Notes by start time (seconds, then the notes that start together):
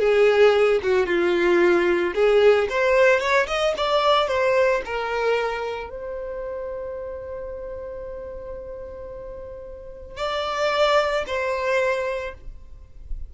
0.00 G#4
0.83 F#4
1.07 F4
2.15 G#4
2.70 C5
3.20 C#5
3.47 D#5
3.78 D5
4.28 C5
4.86 A#4
5.91 C5
10.18 D5
11.27 C5